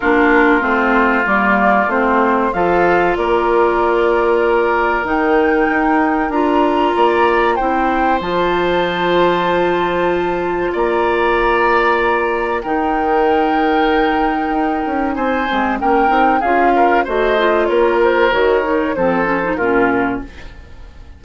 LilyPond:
<<
  \new Staff \with { instrumentName = "flute" } { \time 4/4 \tempo 4 = 95 ais'4 c''4 d''4 c''4 | f''4 d''2. | g''2 ais''2 | g''4 a''2.~ |
a''4 ais''2. | g''1 | gis''4 g''4 f''4 dis''4 | cis''8 c''8 cis''4 c''4 ais'4 | }
  \new Staff \with { instrumentName = "oboe" } { \time 4/4 f'1 | a'4 ais'2.~ | ais'2. d''4 | c''1~ |
c''4 d''2. | ais'1 | c''4 ais'4 gis'8 ais'8 c''4 | ais'2 a'4 f'4 | }
  \new Staff \with { instrumentName = "clarinet" } { \time 4/4 d'4 c'4 ais4 c'4 | f'1 | dis'2 f'2 | e'4 f'2.~ |
f'1 | dis'1~ | dis'8 c'8 cis'8 dis'8 f'4 fis'8 f'8~ | f'4 fis'8 dis'8 c'8 cis'16 dis'16 cis'4 | }
  \new Staff \with { instrumentName = "bassoon" } { \time 4/4 ais4 a4 g4 a4 | f4 ais2. | dis4 dis'4 d'4 ais4 | c'4 f2.~ |
f4 ais2. | dis2. dis'8 cis'8 | c'8 gis8 ais8 c'8 cis'4 a4 | ais4 dis4 f4 ais,4 | }
>>